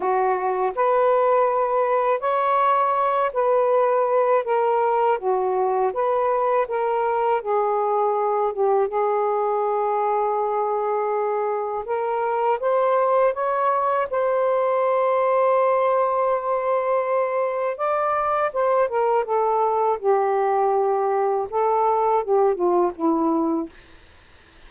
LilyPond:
\new Staff \with { instrumentName = "saxophone" } { \time 4/4 \tempo 4 = 81 fis'4 b'2 cis''4~ | cis''8 b'4. ais'4 fis'4 | b'4 ais'4 gis'4. g'8 | gis'1 |
ais'4 c''4 cis''4 c''4~ | c''1 | d''4 c''8 ais'8 a'4 g'4~ | g'4 a'4 g'8 f'8 e'4 | }